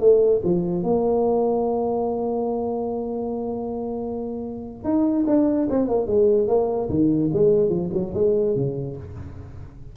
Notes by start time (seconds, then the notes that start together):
0.00 A3
0.44 F3
0.83 A#3
4.84 D#4
5.27 D4
5.70 C4
5.88 A#3
6.07 G#3
6.47 A#3
6.89 D#3
7.33 G#3
7.69 F3
7.93 F#3
8.14 G#3
8.55 C#3